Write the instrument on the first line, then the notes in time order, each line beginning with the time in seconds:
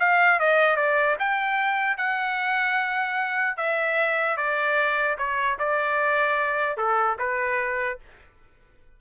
trumpet
0.00 F5
0.40 D#5
0.77 D5
1.20 G5
1.98 F#5
3.57 E5
4.37 D5
5.19 C#5
5.59 D5
6.78 A4
7.19 B4